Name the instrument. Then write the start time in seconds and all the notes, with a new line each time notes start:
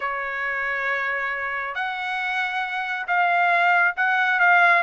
trumpet
0.00 C#5
1.75 F#5
3.07 F5
3.96 F#5
4.39 F5